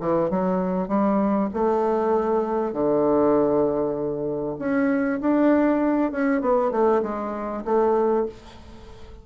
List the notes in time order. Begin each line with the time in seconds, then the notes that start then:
0.00 E3
0.30 F#3
0.88 G3
1.53 A3
2.73 D3
4.58 C#4
5.21 D4
6.11 C#4
6.41 B3
6.71 A3
7.02 G#3
7.64 A3